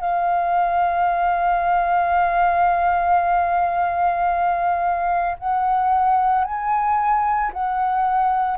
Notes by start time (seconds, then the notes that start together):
0.00 F5
5.39 F#5
6.44 G#5
7.53 F#5